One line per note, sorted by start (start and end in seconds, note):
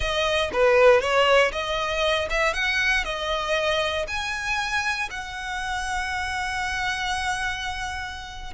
0.00 0.50 D#5
0.52 1.00 B4
1.00 1.51 C#5
1.52 2.28 D#5
2.30 2.53 E5
2.53 3.04 F#5
3.04 4.05 D#5
4.07 5.09 G#5
5.10 8.53 F#5